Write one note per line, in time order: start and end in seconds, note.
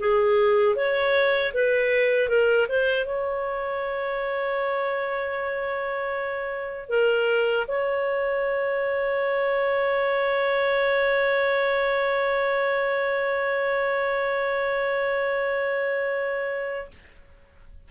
0.00 0.76 G#4
0.76 1.53 C#5
1.54 2.29 B4
2.29 2.67 A#4
2.69 3.06 C5
3.06 6.90 C#5
6.90 7.66 A#4
7.68 16.91 C#5